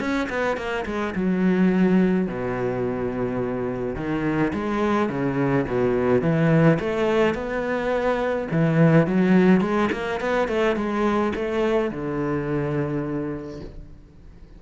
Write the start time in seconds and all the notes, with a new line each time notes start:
0.00 C#4
0.29 B3
0.57 A#3
0.86 G#3
1.16 F#3
2.28 B2
3.96 D#3
4.54 G#3
5.09 C#3
5.68 B2
6.22 E3
6.80 A3
7.35 B3
8.51 E3
9.07 F#3
9.61 G#3
9.92 A#3
10.21 B3
10.48 A3
10.76 G#3
11.35 A3
11.91 D3